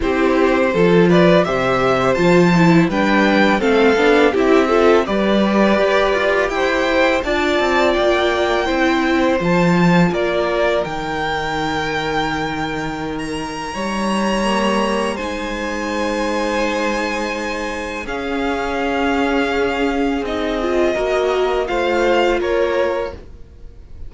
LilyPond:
<<
  \new Staff \with { instrumentName = "violin" } { \time 4/4 \tempo 4 = 83 c''4. d''8 e''4 a''4 | g''4 f''4 e''4 d''4~ | d''4 g''4 a''4 g''4~ | g''4 a''4 d''4 g''4~ |
g''2~ g''16 ais''4.~ ais''16~ | ais''4 gis''2.~ | gis''4 f''2. | dis''2 f''4 cis''4 | }
  \new Staff \with { instrumentName = "violin" } { \time 4/4 g'4 a'8 b'8 c''2 | b'4 a'4 g'8 a'8 b'4~ | b'4 c''4 d''2 | c''2 ais'2~ |
ais'2. cis''4~ | cis''4 c''2.~ | c''4 gis'2.~ | gis'4 ais'4 c''4 ais'4 | }
  \new Staff \with { instrumentName = "viola" } { \time 4/4 e'4 f'4 g'4 f'8 e'8 | d'4 c'8 d'8 e'8 f'8 g'4~ | g'2 f'2 | e'4 f'2 dis'4~ |
dis'1 | ais4 dis'2.~ | dis'4 cis'2. | dis'8 f'8 fis'4 f'2 | }
  \new Staff \with { instrumentName = "cello" } { \time 4/4 c'4 f4 c4 f4 | g4 a8 b8 c'4 g4 | g'8 f'8 e'4 d'8 c'8 ais4 | c'4 f4 ais4 dis4~ |
dis2. g4~ | g4 gis2.~ | gis4 cis'2. | c'4 ais4 a4 ais4 | }
>>